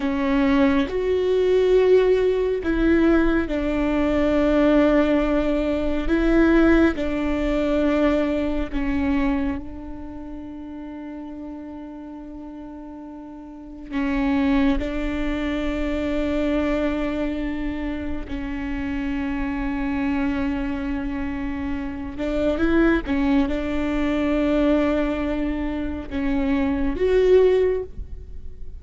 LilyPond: \new Staff \with { instrumentName = "viola" } { \time 4/4 \tempo 4 = 69 cis'4 fis'2 e'4 | d'2. e'4 | d'2 cis'4 d'4~ | d'1 |
cis'4 d'2.~ | d'4 cis'2.~ | cis'4. d'8 e'8 cis'8 d'4~ | d'2 cis'4 fis'4 | }